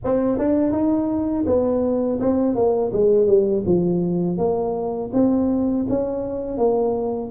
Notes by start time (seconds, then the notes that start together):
0.04 C4
0.38 D4
0.72 D#4
1.46 B3
2.20 C4
2.55 A#3
2.93 G#3
3.27 G3
3.66 F3
4.37 A#3
5.13 C4
5.89 C#4
6.57 A#3